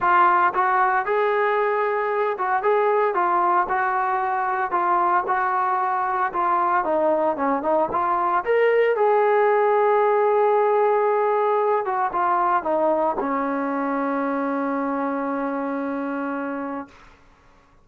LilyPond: \new Staff \with { instrumentName = "trombone" } { \time 4/4 \tempo 4 = 114 f'4 fis'4 gis'2~ | gis'8 fis'8 gis'4 f'4 fis'4~ | fis'4 f'4 fis'2 | f'4 dis'4 cis'8 dis'8 f'4 |
ais'4 gis'2.~ | gis'2~ gis'8 fis'8 f'4 | dis'4 cis'2.~ | cis'1 | }